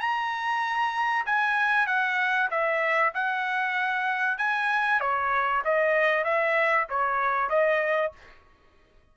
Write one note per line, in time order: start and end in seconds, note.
0.00 1.25 A#5
1.26 1.86 G#5
1.86 2.49 F#5
2.50 3.13 E5
3.14 4.38 F#5
4.38 5.00 G#5
5.00 5.62 C#5
5.64 6.24 D#5
6.24 6.86 E5
6.89 7.49 C#5
7.49 8.12 D#5